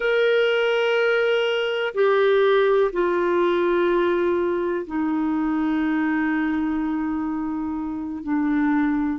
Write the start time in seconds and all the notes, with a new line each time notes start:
0.00 A#4
1.94 G4
2.92 F4
4.86 D#4
8.23 D4